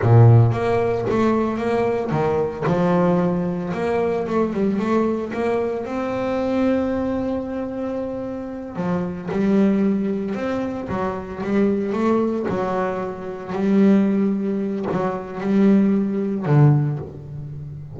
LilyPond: \new Staff \with { instrumentName = "double bass" } { \time 4/4 \tempo 4 = 113 ais,4 ais4 a4 ais4 | dis4 f2 ais4 | a8 g8 a4 ais4 c'4~ | c'1~ |
c'8 f4 g2 c'8~ | c'8 fis4 g4 a4 fis8~ | fis4. g2~ g8 | fis4 g2 d4 | }